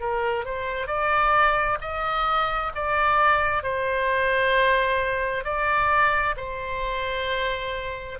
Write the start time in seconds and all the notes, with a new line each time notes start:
0.00 A#4
0.45 C5
0.87 D5
1.81 D#5
2.75 D5
3.63 C5
5.44 D5
6.36 C5